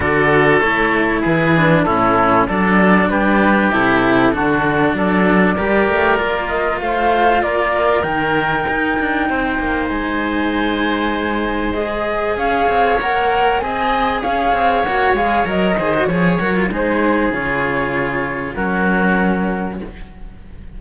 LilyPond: <<
  \new Staff \with { instrumentName = "flute" } { \time 4/4 \tempo 4 = 97 d''4 cis''4 b'4 a'4 | d''4 b'4 a'2 | d''2~ d''8 dis''8 f''4 | d''4 g''2. |
gis''2. dis''4 | f''4 fis''4 gis''4 f''4 | fis''8 f''8 dis''4 cis''8 ais'8 c''4 | cis''2 ais'2 | }
  \new Staff \with { instrumentName = "oboe" } { \time 4/4 a'2 gis'4 e'4 | a'4 g'2 fis'4 | a'4 ais'2 c''4 | ais'2. c''4~ |
c''1 | cis''2 dis''4 cis''4~ | cis''4. c''8 cis''4 gis'4~ | gis'2 fis'2 | }
  \new Staff \with { instrumentName = "cello" } { \time 4/4 fis'4 e'4. d'8 cis'4 | d'2 e'4 d'4~ | d'4 g'4 f'2~ | f'4 dis'2.~ |
dis'2. gis'4~ | gis'4 ais'4 gis'2 | fis'8 gis'8 ais'8 gis'16 fis'16 gis'8 fis'16 f'16 dis'4 | f'2 cis'2 | }
  \new Staff \with { instrumentName = "cello" } { \time 4/4 d4 a4 e4 a,4 | fis4 g4 c4 d4 | fis4 g8 a8 ais4 a4 | ais4 dis4 dis'8 d'8 c'8 ais8 |
gis1 | cis'8 c'8 ais4 c'4 cis'8 c'8 | ais8 gis8 fis8 dis8 f8 fis8 gis4 | cis2 fis2 | }
>>